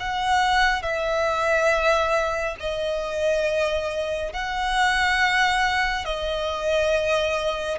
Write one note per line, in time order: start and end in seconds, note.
0.00 0.83 F#5
0.83 2.57 E5
2.60 4.34 D#5
4.34 6.06 F#5
6.06 7.79 D#5